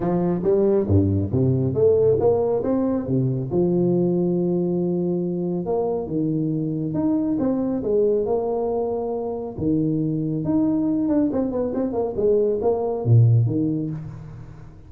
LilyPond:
\new Staff \with { instrumentName = "tuba" } { \time 4/4 \tempo 4 = 138 f4 g4 g,4 c4 | a4 ais4 c'4 c4 | f1~ | f4 ais4 dis2 |
dis'4 c'4 gis4 ais4~ | ais2 dis2 | dis'4. d'8 c'8 b8 c'8 ais8 | gis4 ais4 ais,4 dis4 | }